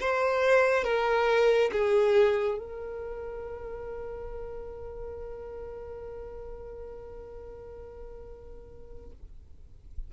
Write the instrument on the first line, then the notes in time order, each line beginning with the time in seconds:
violin
0.00 C5
0.84 A#4
1.72 G#4
2.58 A#4